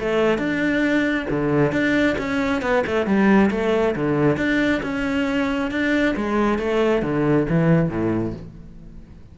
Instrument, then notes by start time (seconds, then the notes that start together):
cello
0.00 A3
0.39 D4
1.31 D3
1.72 D4
2.19 C#4
2.62 B3
2.87 A3
3.06 G3
3.51 A3
3.96 D3
4.37 D4
4.83 C#4
5.71 D4
6.16 G#3
6.59 A3
7.03 D3
7.49 E3
7.90 A2